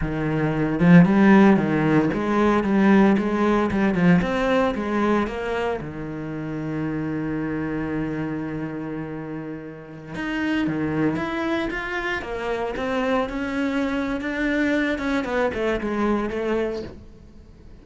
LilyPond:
\new Staff \with { instrumentName = "cello" } { \time 4/4 \tempo 4 = 114 dis4. f8 g4 dis4 | gis4 g4 gis4 g8 f8 | c'4 gis4 ais4 dis4~ | dis1~ |
dis2.~ dis16 dis'8.~ | dis'16 dis4 e'4 f'4 ais8.~ | ais16 c'4 cis'4.~ cis'16 d'4~ | d'8 cis'8 b8 a8 gis4 a4 | }